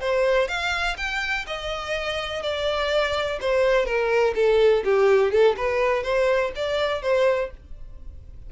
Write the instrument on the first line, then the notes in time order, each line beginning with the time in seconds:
violin
0.00 C5
0.48 F5
0.97 G5
1.46 D#5
2.42 D5
3.40 C5
3.85 A#4
4.35 A4
4.84 G4
5.31 A4
5.56 B4
6.03 C5
6.55 D5
7.02 C5